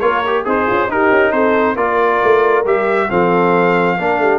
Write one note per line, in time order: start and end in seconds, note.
0.00 0.46 A#3
0.00 0.24 F4
0.00 0.45 A#4
0.00 0.44 C#5
0.27 0.45 G4
0.45 0.68 C4
0.45 0.67 D#4
0.45 0.89 G#4
0.45 0.91 C5
0.67 0.88 C#4
0.67 0.89 F4
0.88 1.10 D#4
0.88 1.76 D#4
0.88 1.33 G4
0.88 1.32 A#4
1.10 1.32 C#4
1.32 1.76 C4
1.32 1.77 A4
1.32 1.76 C5
1.76 2.20 A#3
1.76 2.65 F4
1.76 3.09 A#4
1.76 2.65 D5
2.24 2.65 A3
2.65 3.09 G3
2.65 3.10 G4
2.65 3.10 E5
3.09 3.98 F3
3.09 3.98 C4
3.09 3.97 A4
3.09 4.39 F5
3.98 4.18 A#3
3.98 4.39 D4
3.98 4.20 A#4
4.18 4.39 A3
4.18 4.39 G4